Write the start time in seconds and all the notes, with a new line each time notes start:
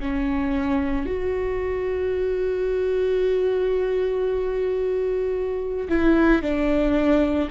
0.00 C#4
1.06 F#4
5.89 E4
6.42 D4